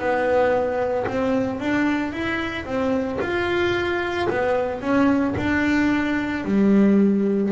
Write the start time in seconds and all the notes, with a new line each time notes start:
0.00 B3
1.08 C4
1.60 D4
2.13 E4
2.65 C4
3.21 F4
4.30 B3
4.81 C#4
5.38 D4
6.45 G3